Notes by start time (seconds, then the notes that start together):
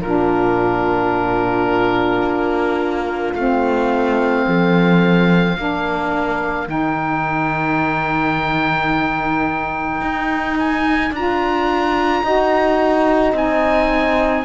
0.00 A#2 D4 F4 A#4
2.22 A#3
3.34 A3 C4 F5
4.47 F3 A4
5.57 A#3 D4 A#4
6.66 D#3 D#4 G5
10.01 D#4
10.59 G#5
11.11 D4 F4 A#5
12.23 D#4 F#4 D#5
13.32 C4 D#4 G#5